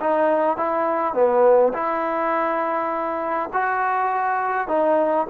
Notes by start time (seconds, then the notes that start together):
0.00 D#4
0.57 E4
1.14 B3
1.73 E4
3.53 F#4
4.68 D#4